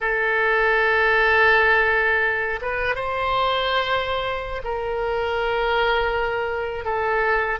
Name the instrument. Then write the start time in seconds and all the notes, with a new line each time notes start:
oboe
0.00 A4
2.61 B4
2.95 C5
4.64 A#4
6.85 A4